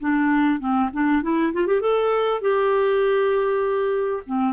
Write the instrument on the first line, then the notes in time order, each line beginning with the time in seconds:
clarinet
0.00 D4
0.59 C4
0.93 D4
1.22 E4
1.53 F4
1.67 G4
1.80 A4
2.41 G4
4.26 C4